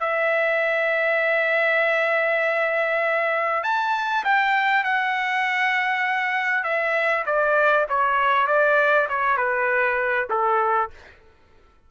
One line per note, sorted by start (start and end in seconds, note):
0.00 3.64 E5
3.64 4.24 A5
4.24 4.84 G5
4.84 6.64 F#5
6.64 7.25 E5
7.26 7.87 D5
7.89 8.47 C#5
8.47 9.08 D5
9.09 9.37 C#5
9.37 10.28 B4
10.30 10.90 A4